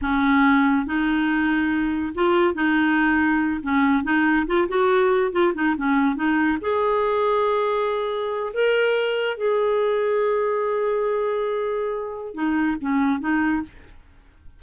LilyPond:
\new Staff \with { instrumentName = "clarinet" } { \time 4/4 \tempo 4 = 141 cis'2 dis'2~ | dis'4 f'4 dis'2~ | dis'8 cis'4 dis'4 f'8 fis'4~ | fis'8 f'8 dis'8 cis'4 dis'4 gis'8~ |
gis'1 | ais'2 gis'2~ | gis'1~ | gis'4 dis'4 cis'4 dis'4 | }